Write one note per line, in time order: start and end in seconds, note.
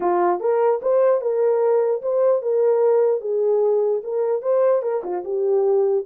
0.00 0.40 F4
0.40 0.80 A#4
0.82 1.21 C5
1.21 2.01 A#4
2.02 2.42 C5
2.42 3.20 A#4
3.20 4.01 G#4
4.03 4.42 A#4
4.42 4.82 C5
4.82 5.02 A#4
5.03 5.23 F4
5.24 6.05 G4